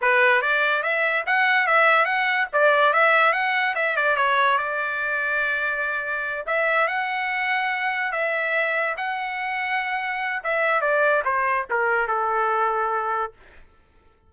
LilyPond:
\new Staff \with { instrumentName = "trumpet" } { \time 4/4 \tempo 4 = 144 b'4 d''4 e''4 fis''4 | e''4 fis''4 d''4 e''4 | fis''4 e''8 d''8 cis''4 d''4~ | d''2.~ d''8 e''8~ |
e''8 fis''2. e''8~ | e''4. fis''2~ fis''8~ | fis''4 e''4 d''4 c''4 | ais'4 a'2. | }